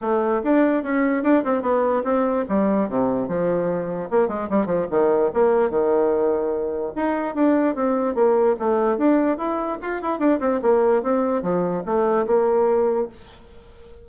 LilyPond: \new Staff \with { instrumentName = "bassoon" } { \time 4/4 \tempo 4 = 147 a4 d'4 cis'4 d'8 c'8 | b4 c'4 g4 c4 | f2 ais8 gis8 g8 f8 | dis4 ais4 dis2~ |
dis4 dis'4 d'4 c'4 | ais4 a4 d'4 e'4 | f'8 e'8 d'8 c'8 ais4 c'4 | f4 a4 ais2 | }